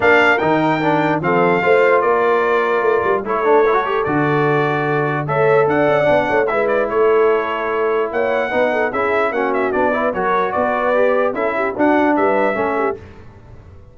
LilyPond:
<<
  \new Staff \with { instrumentName = "trumpet" } { \time 4/4 \tempo 4 = 148 f''4 g''2 f''4~ | f''4 d''2. | cis''2 d''2~ | d''4 e''4 fis''2 |
e''8 d''8 cis''2. | fis''2 e''4 fis''8 e''8 | d''4 cis''4 d''2 | e''4 fis''4 e''2 | }
  \new Staff \with { instrumentName = "horn" } { \time 4/4 ais'2. a'4 | c''4 ais'2. | a'1~ | a'4 cis''4 d''4. cis''8 |
b'4 a'2. | cis''4 b'8 a'8 gis'4 fis'4~ | fis'8 b'8 ais'4 b'2 | a'8 g'8 fis'4 b'4 a'8 g'8 | }
  \new Staff \with { instrumentName = "trombone" } { \time 4/4 d'4 dis'4 d'4 c'4 | f'1 | e'8 d'8 e'16 fis'16 g'8 fis'2~ | fis'4 a'2 d'4 |
e'1~ | e'4 dis'4 e'4 cis'4 | d'8 e'8 fis'2 g'4 | e'4 d'2 cis'4 | }
  \new Staff \with { instrumentName = "tuba" } { \time 4/4 ais4 dis2 f4 | a4 ais2 a8 g8 | a2 d2~ | d4 a4 d'8 cis'8 b8 a8 |
gis4 a2. | ais4 b4 cis'4 ais4 | b4 fis4 b2 | cis'4 d'4 g4 a4 | }
>>